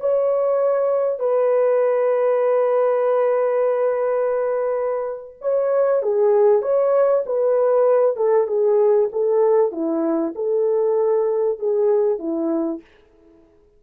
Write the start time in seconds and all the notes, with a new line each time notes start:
0.00 C#5
1.19 B4
5.42 C#5
6.03 G#4
6.62 C#5
7.26 B4
8.17 A4
8.48 G#4
9.13 A4
9.72 E4
10.35 A4
11.59 G#4
12.19 E4